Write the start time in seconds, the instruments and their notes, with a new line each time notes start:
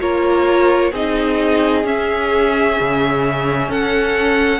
0.00 cello A#3, viola F4, violin A#4 C#5
0.91 cello C4, viola D#4, violin G#4 D#5
1.83 viola C#4, cello C#4, violin E5
2.80 cello C#3
3.69 cello C#4, violin A4 F#5